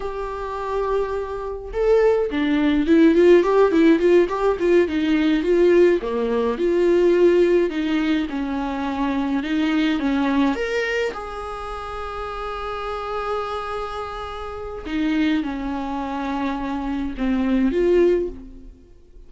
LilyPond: \new Staff \with { instrumentName = "viola" } { \time 4/4 \tempo 4 = 105 g'2. a'4 | d'4 e'8 f'8 g'8 e'8 f'8 g'8 | f'8 dis'4 f'4 ais4 f'8~ | f'4. dis'4 cis'4.~ |
cis'8 dis'4 cis'4 ais'4 gis'8~ | gis'1~ | gis'2 dis'4 cis'4~ | cis'2 c'4 f'4 | }